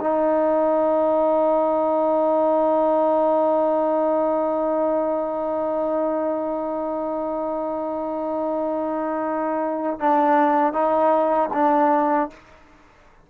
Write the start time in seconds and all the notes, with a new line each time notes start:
0.00 D#4
10.00 D4
10.73 D#4
11.53 D4